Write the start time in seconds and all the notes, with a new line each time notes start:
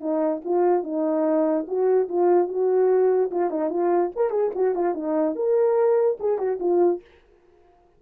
0.00 D#4
0.45 F4
0.83 D#4
1.67 F#4
2.08 F4
2.48 F#4
3.31 F4
3.50 D#4
3.70 F4
4.16 A#4
4.30 G#4
4.55 F#4
4.75 F4
4.94 D#4
5.35 A#4
6.20 G#4
6.38 F#4
6.60 F4